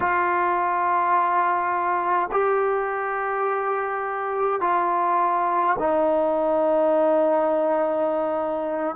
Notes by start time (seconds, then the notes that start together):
0.00 F4
2.31 G4
4.60 F4
5.78 D#4